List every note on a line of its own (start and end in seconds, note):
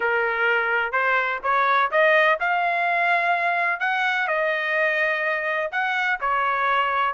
0.00 0.92 A#4
0.92 1.39 C5
1.43 1.90 C#5
1.91 2.39 D#5
2.40 3.80 F5
3.80 4.27 F#5
4.27 5.70 D#5
5.71 6.19 F#5
6.20 7.14 C#5